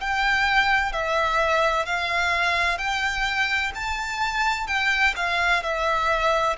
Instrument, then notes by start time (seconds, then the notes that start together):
violin
0.00 G5
0.92 E5
1.85 F5
2.78 G5
3.75 A5
4.67 G5
5.16 F5
5.62 E5